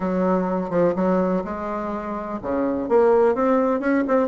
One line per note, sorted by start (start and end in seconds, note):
0.00 0.70 F#3
0.70 0.94 F3
0.95 1.43 F#3
1.44 2.39 G#3
2.42 2.89 C#3
2.89 3.34 A#3
3.34 3.80 C4
3.80 4.03 C#4
4.07 4.27 C4